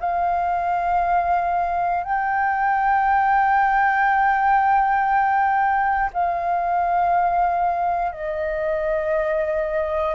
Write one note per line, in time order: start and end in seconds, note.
0.00 2.03 F5
2.03 6.10 G5
6.13 8.12 F5
8.12 10.15 D#5